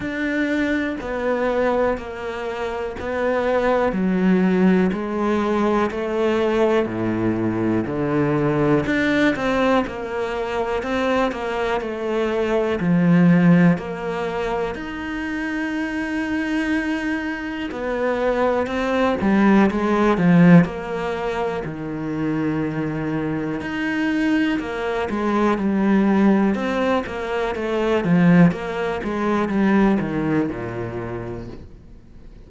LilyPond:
\new Staff \with { instrumentName = "cello" } { \time 4/4 \tempo 4 = 61 d'4 b4 ais4 b4 | fis4 gis4 a4 a,4 | d4 d'8 c'8 ais4 c'8 ais8 | a4 f4 ais4 dis'4~ |
dis'2 b4 c'8 g8 | gis8 f8 ais4 dis2 | dis'4 ais8 gis8 g4 c'8 ais8 | a8 f8 ais8 gis8 g8 dis8 ais,4 | }